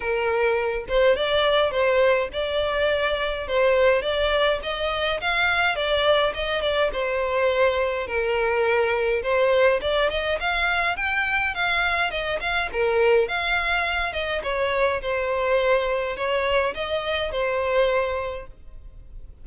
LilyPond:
\new Staff \with { instrumentName = "violin" } { \time 4/4 \tempo 4 = 104 ais'4. c''8 d''4 c''4 | d''2 c''4 d''4 | dis''4 f''4 d''4 dis''8 d''8 | c''2 ais'2 |
c''4 d''8 dis''8 f''4 g''4 | f''4 dis''8 f''8 ais'4 f''4~ | f''8 dis''8 cis''4 c''2 | cis''4 dis''4 c''2 | }